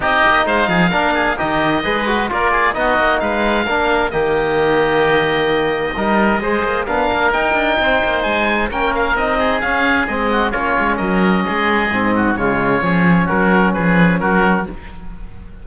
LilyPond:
<<
  \new Staff \with { instrumentName = "oboe" } { \time 4/4 \tempo 4 = 131 dis''4 f''2 dis''4~ | dis''4 d''4 dis''4 f''4~ | f''4 dis''2.~ | dis''2. f''4 |
g''2 gis''4 g''8 f''8 | dis''4 f''4 dis''4 cis''4 | dis''2. cis''4~ | cis''4 ais'4 b'4 ais'4 | }
  \new Staff \with { instrumentName = "oboe" } { \time 4/4 g'4 c''8 gis'8 ais'8 gis'8 g'4 | b'4 ais'8 gis'8 fis'4 b'4 | ais'4 g'2.~ | g'4 ais'4 c''4 ais'4~ |
ais'4 c''2 ais'4~ | ais'8 gis'2 fis'8 f'4 | ais'4 gis'4. fis'8 f'4 | gis'4 fis'4 gis'4 fis'4 | }
  \new Staff \with { instrumentName = "trombone" } { \time 4/4 dis'2 d'4 dis'4 | gis'8 fis'8 f'4 dis'2 | d'4 ais2.~ | ais4 dis'4 gis'4 d'4 |
dis'2. cis'4 | dis'4 cis'4 c'4 cis'4~ | cis'2 c'4 gis4 | cis'1 | }
  \new Staff \with { instrumentName = "cello" } { \time 4/4 c'8 ais8 gis8 f8 ais4 dis4 | gis4 ais4 b8 ais8 gis4 | ais4 dis2.~ | dis4 g4 gis8 ais8 b8 ais8 |
dis'8 d'8 c'8 ais8 gis4 ais4 | c'4 cis'4 gis4 ais8 gis8 | fis4 gis4 gis,4 cis4 | f4 fis4 f4 fis4 | }
>>